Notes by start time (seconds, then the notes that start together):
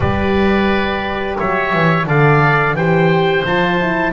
0.00 G3 G4 B4 D5
1.38 F#3 C#5 E5
1.73 E3
2.05 D3 A4 D5 F5
2.73 E3 G4 C5 G5
3.45 F3 F4 A5
3.79 E4